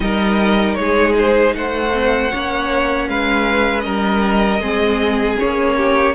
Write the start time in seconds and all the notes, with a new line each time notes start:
0.00 G3 D#4 A#4 D#5
0.74 G#3 G#4 C#5
1.17 C5
1.55 A3 C5 F#5
1.92 C4
2.31 A#3 C#4 C#5
3.08 G#3 B4 F5
3.80 G3 A#4 D#5
4.59 G#3 C4 G#4
5.37 A#3 C#4 C#5
5.76 G4